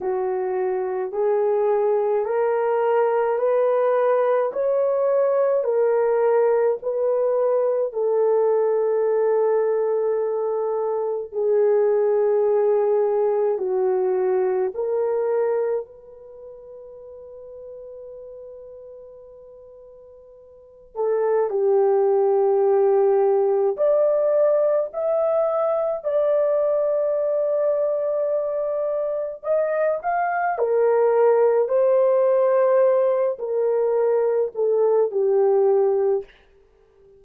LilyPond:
\new Staff \with { instrumentName = "horn" } { \time 4/4 \tempo 4 = 53 fis'4 gis'4 ais'4 b'4 | cis''4 ais'4 b'4 a'4~ | a'2 gis'2 | fis'4 ais'4 b'2~ |
b'2~ b'8 a'8 g'4~ | g'4 d''4 e''4 d''4~ | d''2 dis''8 f''8 ais'4 | c''4. ais'4 a'8 g'4 | }